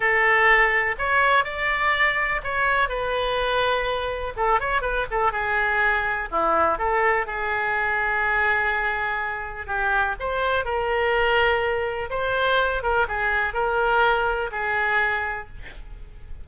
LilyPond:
\new Staff \with { instrumentName = "oboe" } { \time 4/4 \tempo 4 = 124 a'2 cis''4 d''4~ | d''4 cis''4 b'2~ | b'4 a'8 cis''8 b'8 a'8 gis'4~ | gis'4 e'4 a'4 gis'4~ |
gis'1 | g'4 c''4 ais'2~ | ais'4 c''4. ais'8 gis'4 | ais'2 gis'2 | }